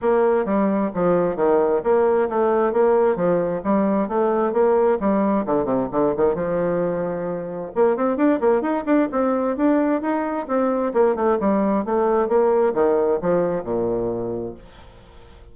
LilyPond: \new Staff \with { instrumentName = "bassoon" } { \time 4/4 \tempo 4 = 132 ais4 g4 f4 dis4 | ais4 a4 ais4 f4 | g4 a4 ais4 g4 | d8 c8 d8 dis8 f2~ |
f4 ais8 c'8 d'8 ais8 dis'8 d'8 | c'4 d'4 dis'4 c'4 | ais8 a8 g4 a4 ais4 | dis4 f4 ais,2 | }